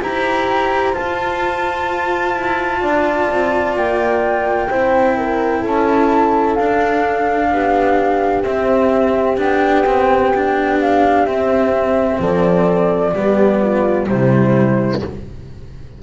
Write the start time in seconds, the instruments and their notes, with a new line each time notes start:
0.00 double bass E4, cello G4, horn C5, flute A#5
0.93 cello F4, double bass F4, flute A5
2.35 double bass E4
2.81 double bass D4, horn D5
3.29 double bass C4
3.75 double bass A#3, flute G5
4.69 double bass C4, cello E4, horn C5
5.17 horn A#4
5.61 double bass C#4, horn A4, flute A5
6.54 double bass D4, cello D4, flute F5
7.51 double bass B3, horn G4
8.43 cello C4, double bass C4, flute E5
9.37 double bass B3, cello D4, flute G5
9.86 cello C4
10.36 cello D4
10.80 flute F5
11.25 double bass C4, cello C4, flute E5
12.19 double bass F3, horn A4, flute D5
13.13 double bass G3, cello B3, horn G4
13.61 horn F4
14.07 double bass C3, cello G3, horn E4, flute C5